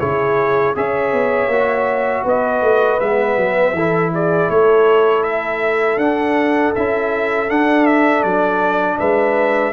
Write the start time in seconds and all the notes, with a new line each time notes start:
0.00 C#3 E4 G#4 C#5
0.76 C#4 G#4 C#5 E5
1.13 B3
1.48 A#3 F#4
2.24 B3 B4 D#5
2.62 A3
3.00 G#3 B3 E5
3.37 F#3
3.73 E3 E4 A4
4.14 G#4 D5
4.50 A3 A4 C#5
5.24 E5
5.97 D4 F#5
6.76 C#4 E4 E5
7.49 D4 F#5
7.86 E5
8.23 F#3 D5
8.99 G#3 B4 E5